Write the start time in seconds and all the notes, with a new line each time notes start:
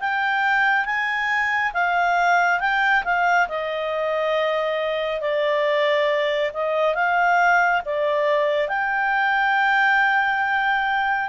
0.00 G5
0.85 G#5
1.74 F5
2.60 G5
3.04 F5
3.48 D#5
5.21 D5
6.54 D#5
6.94 F5
7.85 D5
8.68 G5